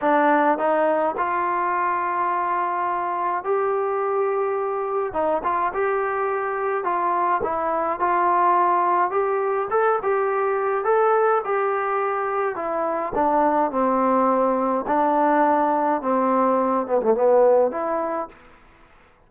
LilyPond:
\new Staff \with { instrumentName = "trombone" } { \time 4/4 \tempo 4 = 105 d'4 dis'4 f'2~ | f'2 g'2~ | g'4 dis'8 f'8 g'2 | f'4 e'4 f'2 |
g'4 a'8 g'4. a'4 | g'2 e'4 d'4 | c'2 d'2 | c'4. b16 a16 b4 e'4 | }